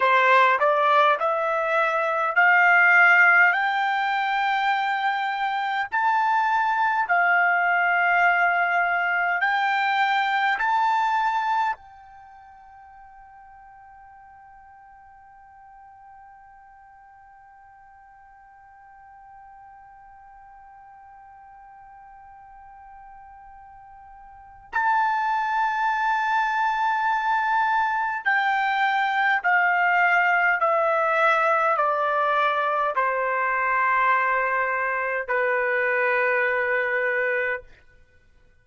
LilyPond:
\new Staff \with { instrumentName = "trumpet" } { \time 4/4 \tempo 4 = 51 c''8 d''8 e''4 f''4 g''4~ | g''4 a''4 f''2 | g''4 a''4 g''2~ | g''1~ |
g''1~ | g''4 a''2. | g''4 f''4 e''4 d''4 | c''2 b'2 | }